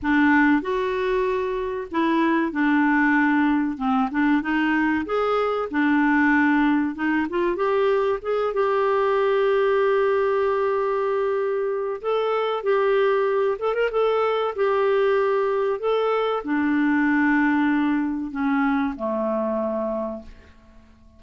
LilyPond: \new Staff \with { instrumentName = "clarinet" } { \time 4/4 \tempo 4 = 95 d'4 fis'2 e'4 | d'2 c'8 d'8 dis'4 | gis'4 d'2 dis'8 f'8 | g'4 gis'8 g'2~ g'8~ |
g'2. a'4 | g'4. a'16 ais'16 a'4 g'4~ | g'4 a'4 d'2~ | d'4 cis'4 a2 | }